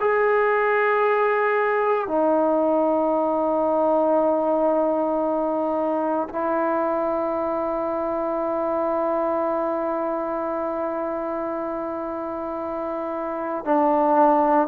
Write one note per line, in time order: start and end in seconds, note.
0.00 2.07 G#4
2.07 6.28 D#4
6.29 13.65 E4
13.65 14.67 D4